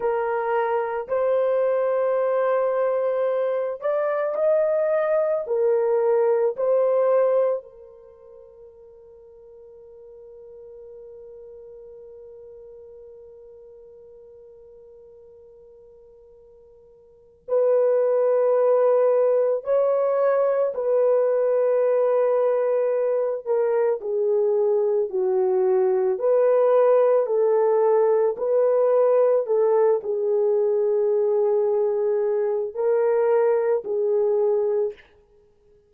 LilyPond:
\new Staff \with { instrumentName = "horn" } { \time 4/4 \tempo 4 = 55 ais'4 c''2~ c''8 d''8 | dis''4 ais'4 c''4 ais'4~ | ais'1~ | ais'1 |
b'2 cis''4 b'4~ | b'4. ais'8 gis'4 fis'4 | b'4 a'4 b'4 a'8 gis'8~ | gis'2 ais'4 gis'4 | }